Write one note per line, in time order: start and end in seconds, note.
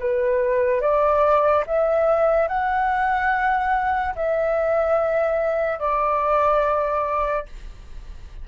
0.00 0.81 B4
0.81 1.65 D5
1.67 2.48 E5
2.48 4.15 F#5
4.16 5.80 E5
5.80 7.46 D5